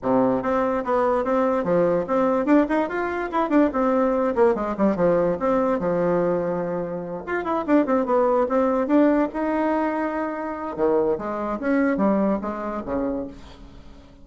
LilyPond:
\new Staff \with { instrumentName = "bassoon" } { \time 4/4 \tempo 4 = 145 c4 c'4 b4 c'4 | f4 c'4 d'8 dis'8 f'4 | e'8 d'8 c'4. ais8 gis8 g8 | f4 c'4 f2~ |
f4. f'8 e'8 d'8 c'8 b8~ | b8 c'4 d'4 dis'4.~ | dis'2 dis4 gis4 | cis'4 g4 gis4 cis4 | }